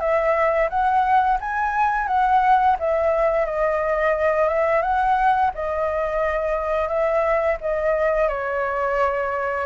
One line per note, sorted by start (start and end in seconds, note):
0.00 0.69 E5
0.69 1.38 F#5
1.40 2.07 G#5
2.07 2.76 F#5
2.79 3.45 E5
3.45 4.48 D#5
4.48 4.82 E5
4.82 5.51 F#5
5.55 6.88 D#5
6.88 7.57 E5
7.61 8.29 D#5
8.29 9.66 C#5